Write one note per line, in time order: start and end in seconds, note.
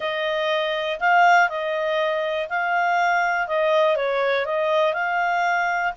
0.00 0.99 D#5
1.00 1.49 F5
1.49 2.48 D#5
2.49 3.47 F5
3.47 3.96 D#5
3.96 4.45 C#5
4.45 4.93 D#5
4.93 5.93 F5